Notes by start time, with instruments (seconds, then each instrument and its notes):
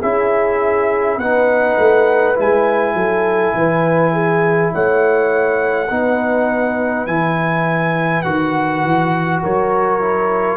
0.00 tuba C#4, trombone E4, horn G#4, trumpet E5
1.17 tuba B3, trombone D#4, horn B4, trumpet F#5
1.78 tuba A3
2.35 tuba G#3, trombone E4, trumpet G#5
2.94 tuba F#3, horn A4
3.54 tuba E3, horn B4
4.13 horn G#4
4.74 tuba A3, horn C#5, trumpet F#5
5.90 tuba B3, trombone D#4, horn B4
7.07 tuba E3, trombone E4, trumpet G#5
8.22 tuba D#3, trombone F#4, trumpet F#5
8.84 tuba E3
9.41 tuba F#3, horn A#4, trumpet C#5
10.01 trombone E4